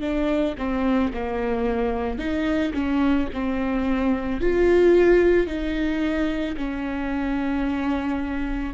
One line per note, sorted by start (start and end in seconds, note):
0.00 0.55 D4
0.58 1.13 C4
1.13 2.18 A#3
2.18 2.73 D#4
2.73 3.28 C#4
3.33 4.41 C4
4.41 5.46 F4
5.46 6.56 D#4
6.57 8.74 C#4